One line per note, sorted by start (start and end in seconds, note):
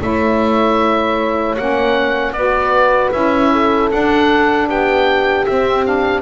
0.00 1.57 A3
0.00 1.56 E4
0.00 2.35 C#5
0.00 1.56 E5
1.56 2.32 A#3
1.56 2.34 C#4
1.56 2.32 F#5
2.32 3.10 B3
2.32 3.12 F#4
2.32 3.52 B4
2.32 3.10 D5
3.12 3.91 C#4
3.12 3.90 E4
3.12 3.90 E5
3.52 4.68 A4
3.90 5.46 D4
3.90 4.68 D4
3.90 4.69 F#5
4.68 5.46 B3
4.68 6.21 G4
4.68 5.46 G5
5.46 5.84 C4
5.46 6.21 C4
5.46 5.85 E5
5.84 6.21 D4
5.84 6.21 F5